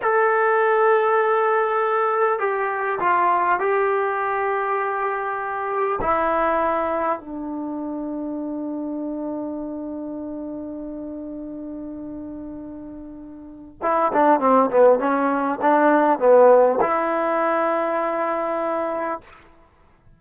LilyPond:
\new Staff \with { instrumentName = "trombone" } { \time 4/4 \tempo 4 = 100 a'1 | g'4 f'4 g'2~ | g'2 e'2 | d'1~ |
d'1~ | d'2. e'8 d'8 | c'8 b8 cis'4 d'4 b4 | e'1 | }